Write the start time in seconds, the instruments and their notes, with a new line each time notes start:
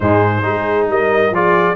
0.00 tuba G#2, trombone G#3, horn D#4, trumpet C5
0.42 tuba G#3, trombone D#4, horn G#4
0.88 tuba G3, horn A#4, trumpet D#5
1.30 tuba F3, trombone F4, horn G#4, trumpet D5